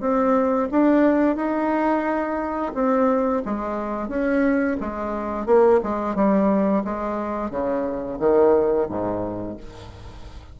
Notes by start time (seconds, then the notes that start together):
0.00 C4
0.71 D4
1.36 D#4
2.74 C4
3.45 G#3
4.08 C#4
4.80 G#3
5.45 A#3
5.83 G#3
6.15 G3
6.84 G#3
7.50 C#3
8.19 D#3
8.88 G#2